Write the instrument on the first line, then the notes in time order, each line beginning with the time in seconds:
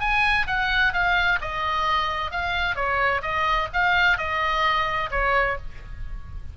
oboe
0.00 G#5
0.47 F#5
0.93 F5
1.41 D#5
2.31 F5
2.75 C#5
3.22 D#5
3.73 F5
4.17 D#5
5.11 C#5